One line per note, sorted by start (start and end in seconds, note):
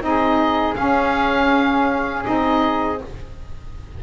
0.00 0.74 C4
0.00 0.74 D#4
0.00 0.75 D#5
0.06 3.03 G#4
0.74 2.22 C#4
0.74 2.25 C#4
0.74 2.23 F5
2.23 3.01 C4
2.23 2.97 D#4
2.23 2.99 D#5